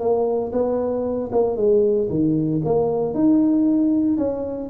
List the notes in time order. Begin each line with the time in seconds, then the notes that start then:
0.00 A#3
0.53 B3
1.32 A#3
1.57 G#3
2.10 D#3
2.65 A#3
3.14 D#4
4.18 C#4